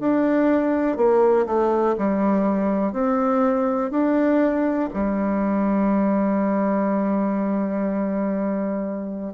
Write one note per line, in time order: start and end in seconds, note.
0.00 0.97 D4
0.97 1.46 A#3
1.46 1.95 A3
1.98 2.92 G3
2.92 3.91 C4
3.91 4.89 D4
4.94 9.34 G3